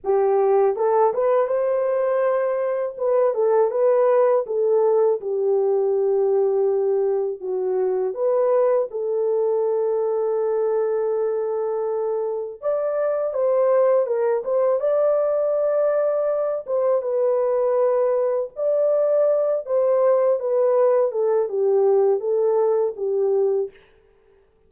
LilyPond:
\new Staff \with { instrumentName = "horn" } { \time 4/4 \tempo 4 = 81 g'4 a'8 b'8 c''2 | b'8 a'8 b'4 a'4 g'4~ | g'2 fis'4 b'4 | a'1~ |
a'4 d''4 c''4 ais'8 c''8 | d''2~ d''8 c''8 b'4~ | b'4 d''4. c''4 b'8~ | b'8 a'8 g'4 a'4 g'4 | }